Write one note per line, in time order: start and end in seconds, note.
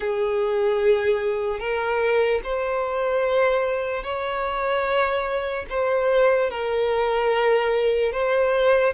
0.00 1.59 G#4
1.59 2.40 A#4
2.43 4.03 C5
4.03 5.65 C#5
5.69 6.50 C5
6.50 8.12 A#4
8.12 8.93 C5